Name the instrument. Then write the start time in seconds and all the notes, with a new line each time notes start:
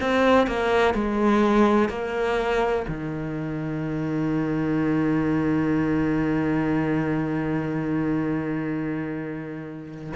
cello
0.00 C4
0.47 A#3
0.94 G#3
1.89 A#3
2.87 D#3